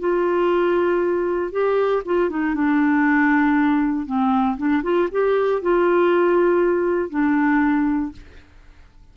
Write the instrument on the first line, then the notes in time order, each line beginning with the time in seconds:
clarinet
0.00 F4
1.52 G4
2.06 F4
2.30 D#4
2.55 D4
4.07 C4
4.57 D4
4.83 F4
5.11 G4
5.62 F4
7.10 D4